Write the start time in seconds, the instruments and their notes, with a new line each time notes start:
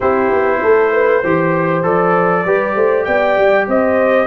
0.00 tuba C4, trombone E4, horn G4, trumpet C5
0.30 tuba B3
0.62 tuba A3, horn A4
0.92 horn B4
1.21 tuba E3, trombone G4, horn C5
1.83 tuba F3, trombone A4, trumpet D5
2.45 tuba G3, trombone G4, horn B4
2.75 tuba A3, horn C5
3.04 tuba B3, horn D5, trumpet G5
3.37 tuba G3
3.67 tuba C4, horn C5, trumpet D#5